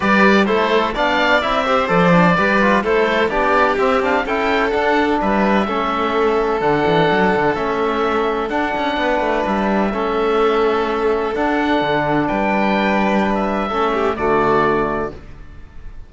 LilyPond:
<<
  \new Staff \with { instrumentName = "oboe" } { \time 4/4 \tempo 4 = 127 d''4 c''4 f''4 e''4 | d''2 c''4 d''4 | e''8 f''8 g''4 fis''4 e''4~ | e''2 fis''2 |
e''2 fis''2 | e''1 | fis''2 g''2~ | g''16 e''4.~ e''16 d''2 | }
  \new Staff \with { instrumentName = "violin" } { \time 4/4 b'4 a'4 d''4. c''8~ | c''4 b'4 a'4 g'4~ | g'4 a'2 b'4 | a'1~ |
a'2. b'4~ | b'4 a'2.~ | a'2 b'2~ | b'4 a'8 g'8 fis'2 | }
  \new Staff \with { instrumentName = "trombone" } { \time 4/4 g'4 e'4 d'4 e'8 g'8 | a'8 d'8 g'8 f'8 e'4 d'4 | c'8 d'8 e'4 d'2 | cis'2 d'2 |
cis'2 d'2~ | d'4 cis'2. | d'1~ | d'4 cis'4 a2 | }
  \new Staff \with { instrumentName = "cello" } { \time 4/4 g4 a4 b4 c'4 | f4 g4 a4 b4 | c'4 cis'4 d'4 g4 | a2 d8 e8 fis8 d8 |
a2 d'8 cis'8 b8 a8 | g4 a2. | d'4 d4 g2~ | g4 a4 d2 | }
>>